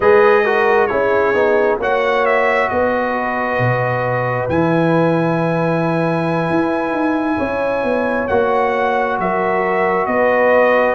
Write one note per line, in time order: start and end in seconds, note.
0.00 0.88 G#3
0.00 0.45 G#4
0.00 0.42 B4
0.00 0.87 D#5
0.44 0.89 F#4
0.44 0.88 A#4
0.87 1.34 C#4
0.87 1.34 E4
0.87 1.80 G#4
0.87 1.76 C#5
1.34 1.78 B3
1.34 1.79 D#4
1.79 2.68 A#3
1.79 4.50 F#4
1.79 2.69 C#5
1.79 2.25 F#5
2.25 2.68 E5
2.68 3.59 B3
2.68 7.37 B4
2.68 4.48 D#5
3.59 4.48 B2
4.48 6.50 E3
4.48 8.29 E4
4.48 8.28 G#5
6.50 6.92 E4
6.92 7.37 D#4
7.37 7.83 C#4
7.37 9.16 C#5
7.83 8.28 B3
8.28 9.18 A#3
8.28 10.94 F#4
8.28 9.17 F#5
9.18 10.06 F#3
9.18 10.07 A#4
9.18 10.06 E5
10.06 10.94 B3
10.06 10.94 B4
10.06 10.94 D#5